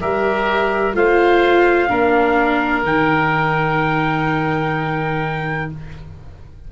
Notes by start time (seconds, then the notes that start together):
0.00 G3 G4 A#4 E5
0.93 A3 F4 C5 F5
1.88 A#3 D4 A#4
2.83 D#3 D#4 G5